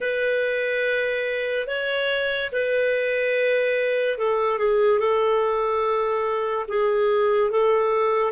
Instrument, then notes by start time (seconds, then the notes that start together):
clarinet
0.00 B4
1.67 C#5
2.52 B4
4.17 A4
4.58 G#4
4.99 A4
6.67 G#4
7.50 A4